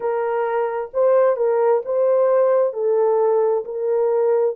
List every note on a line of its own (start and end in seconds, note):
0.00 0.90 A#4
0.93 1.36 C5
1.36 1.82 A#4
1.85 2.73 C5
2.73 3.64 A4
3.64 4.55 A#4